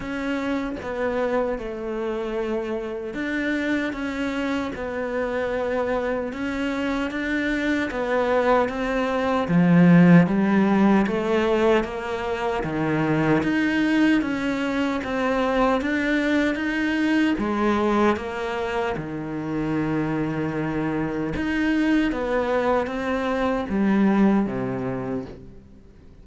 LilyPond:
\new Staff \with { instrumentName = "cello" } { \time 4/4 \tempo 4 = 76 cis'4 b4 a2 | d'4 cis'4 b2 | cis'4 d'4 b4 c'4 | f4 g4 a4 ais4 |
dis4 dis'4 cis'4 c'4 | d'4 dis'4 gis4 ais4 | dis2. dis'4 | b4 c'4 g4 c4 | }